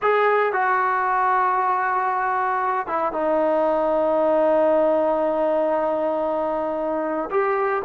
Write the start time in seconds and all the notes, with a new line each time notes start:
0.02 G#4
0.52 F#4
2.86 E4
3.12 D#4
7.30 G4